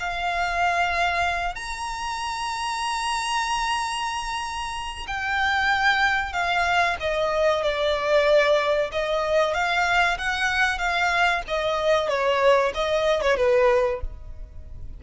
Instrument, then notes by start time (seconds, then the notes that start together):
violin
0.00 F5
1.56 A#5
5.08 G5
6.33 F5
7.01 D#5
7.63 D5
8.92 D#5
9.54 F5
10.18 F#5
10.79 F5
11.48 D#5
12.09 C#5
12.75 D#5
13.22 C#5
13.38 B4